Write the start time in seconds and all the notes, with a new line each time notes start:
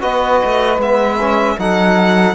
0.00 B3 F#4 B4 D#5
0.44 A3
0.78 G#3 B3 E5
1.20 C#4
1.58 F#3 D#4 A4 F#5